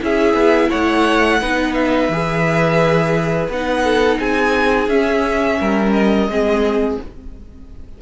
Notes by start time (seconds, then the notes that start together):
0.00 C#4 E4 G#4 E5
0.33 B3
0.69 A3 C#5 F#5
1.40 B3 D#4 B4
1.73 E5
2.09 E3 G#4
3.48 B3 D#4 F#5
3.83 A4
4.19 C4 G#4 G#5
4.88 C#4 E5
5.60 G3 A#4
5.92 D#5
6.27 G#3 C4 G#4